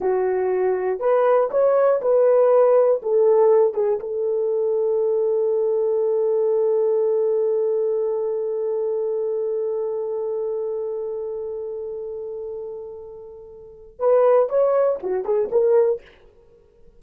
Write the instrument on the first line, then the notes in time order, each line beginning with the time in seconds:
horn
0.00 F#4
0.99 B4
1.50 C#5
2.01 B4
3.02 A4
3.74 G#4
3.99 A4
13.99 B4
14.49 C#5
15.02 F#4
15.24 G#4
15.51 A#4